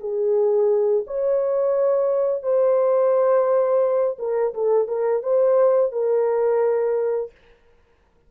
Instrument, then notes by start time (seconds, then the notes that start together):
horn
0.00 G#4
1.07 C#5
2.43 C5
4.19 A#4
4.54 A4
4.88 A#4
5.23 C5
5.92 A#4